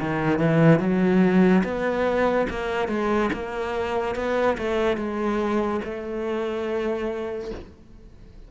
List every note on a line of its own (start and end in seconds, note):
0.00 0.39 D#3
0.39 0.80 E3
0.80 1.63 F#3
1.64 2.47 B3
2.50 2.88 A#3
2.88 3.30 G#3
3.33 4.16 A#3
4.16 4.57 B3
4.58 4.97 A3
4.97 5.81 G#3
5.84 7.51 A3